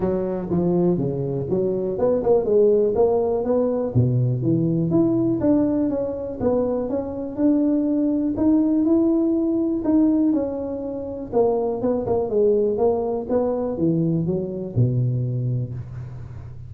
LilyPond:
\new Staff \with { instrumentName = "tuba" } { \time 4/4 \tempo 4 = 122 fis4 f4 cis4 fis4 | b8 ais8 gis4 ais4 b4 | b,4 e4 e'4 d'4 | cis'4 b4 cis'4 d'4~ |
d'4 dis'4 e'2 | dis'4 cis'2 ais4 | b8 ais8 gis4 ais4 b4 | e4 fis4 b,2 | }